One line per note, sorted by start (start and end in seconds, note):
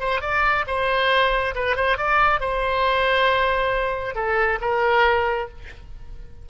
0.00 0.21 C5
0.21 0.65 D5
0.67 1.55 C5
1.55 1.76 B4
1.76 1.98 C5
1.98 2.40 D5
2.40 4.15 C5
4.15 4.59 A4
4.61 5.49 A#4